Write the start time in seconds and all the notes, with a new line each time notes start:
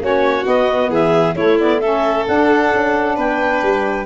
0.00 A#3 C#4 F#4 C#5
0.44 B3 D#5
0.90 E3 G#4 E5
1.36 A3 E4 C#5
1.60 B3 D5
1.80 C#4 A4 E5
2.27 D4 F#5
2.73 C#4
3.16 B3 B4 G5
3.62 G3